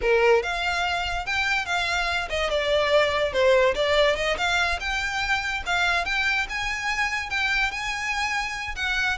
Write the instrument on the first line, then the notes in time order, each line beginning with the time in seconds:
violin
0.01 A#4
0.43 F5
1.26 G5
1.65 F5
2.29 D#5
2.50 D5
3.32 C5
3.75 D5
4.16 D#5
4.37 F5
4.80 G5
5.66 F5
6.05 G5
6.49 G#5
7.29 G5
7.71 G#5
8.75 F#5